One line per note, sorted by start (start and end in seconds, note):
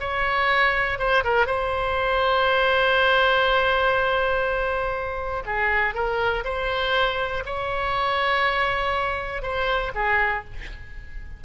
0.00 0.98 C#5
0.98 1.23 C5
1.24 1.46 A#4
1.46 5.43 C5
5.46 5.95 G#4
5.95 6.44 A#4
6.44 7.43 C5
7.46 9.42 C#5
9.42 9.92 C5
9.95 10.44 G#4